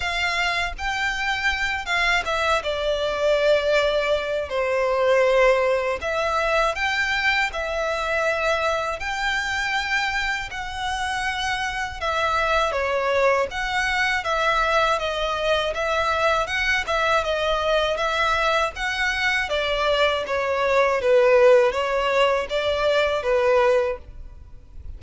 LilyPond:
\new Staff \with { instrumentName = "violin" } { \time 4/4 \tempo 4 = 80 f''4 g''4. f''8 e''8 d''8~ | d''2 c''2 | e''4 g''4 e''2 | g''2 fis''2 |
e''4 cis''4 fis''4 e''4 | dis''4 e''4 fis''8 e''8 dis''4 | e''4 fis''4 d''4 cis''4 | b'4 cis''4 d''4 b'4 | }